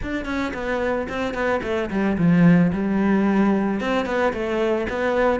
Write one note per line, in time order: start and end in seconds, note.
0.02 0.25 D4
0.25 0.52 C#4
0.53 1.07 B3
1.08 1.34 C4
1.34 1.61 B3
1.62 1.89 A3
1.90 2.17 G3
2.18 2.72 F3
2.72 3.80 G3
3.80 4.05 C4
4.05 4.32 B3
4.33 4.87 A3
4.89 5.40 B3